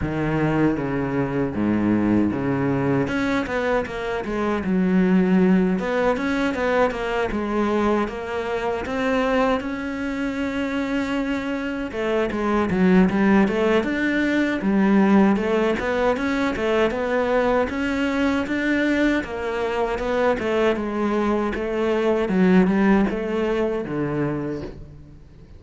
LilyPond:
\new Staff \with { instrumentName = "cello" } { \time 4/4 \tempo 4 = 78 dis4 cis4 gis,4 cis4 | cis'8 b8 ais8 gis8 fis4. b8 | cis'8 b8 ais8 gis4 ais4 c'8~ | c'8 cis'2. a8 |
gis8 fis8 g8 a8 d'4 g4 | a8 b8 cis'8 a8 b4 cis'4 | d'4 ais4 b8 a8 gis4 | a4 fis8 g8 a4 d4 | }